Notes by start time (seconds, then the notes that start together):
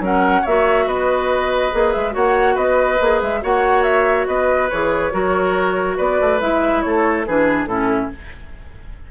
0.00 F#3 C#4 A#4 F#5
0.42 A#3 F#4 C#5 E5
0.87 B3 B4 D#5
1.72 A#3 G#4
1.93 G#3 E5
2.11 A#3 F#4 C#5 F#5
2.55 B3 B4 D#5
3.01 A#3 G#4
3.22 G#3 E5
3.41 A#3 F#4 C#5 F#5
3.83 E5
4.27 B3 B4 D#5
4.70 E3 G#4 C#5
5.11 F#3 F#4 A#4
5.97 B3 B4 D5
6.21 A3
6.41 G#3 E4 E5
6.82 A3 A4 C#5
7.27 E3 D4 G#4 B4
7.66 A2 C#4 E4 A4